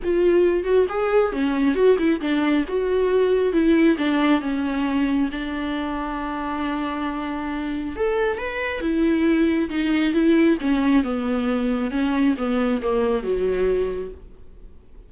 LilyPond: \new Staff \with { instrumentName = "viola" } { \time 4/4 \tempo 4 = 136 f'4. fis'8 gis'4 cis'4 | fis'8 e'8 d'4 fis'2 | e'4 d'4 cis'2 | d'1~ |
d'2 a'4 b'4 | e'2 dis'4 e'4 | cis'4 b2 cis'4 | b4 ais4 fis2 | }